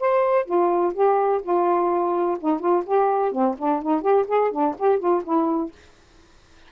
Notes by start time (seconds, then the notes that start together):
0.00 C5
0.45 F4
0.94 G4
1.43 F4
2.40 D#4
2.60 F4
2.86 G4
3.32 C4
3.58 D4
3.82 D#4
4.02 G4
4.28 G#4
4.52 D4
4.79 G4
4.99 F4
5.24 E4